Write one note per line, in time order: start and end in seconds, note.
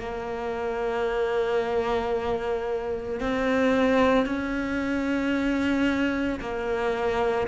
0.00 3.20 A#3
3.20 4.26 C4
4.26 6.40 C#4
6.40 7.48 A#3